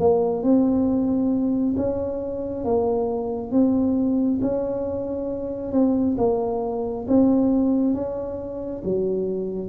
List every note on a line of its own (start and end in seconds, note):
0.00 0.43 A#3
0.43 1.76 C4
1.77 2.65 C#4
2.65 3.52 A#3
3.52 4.40 C4
4.42 5.73 C#4
5.73 6.17 C4
6.18 7.06 A#3
7.08 7.94 C4
7.94 8.82 C#4
8.84 9.69 F#3